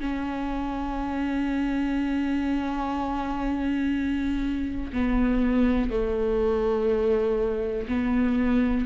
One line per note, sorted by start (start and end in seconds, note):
0.00 4.92 C#4
4.93 5.91 B3
5.91 7.87 A3
7.88 8.86 B3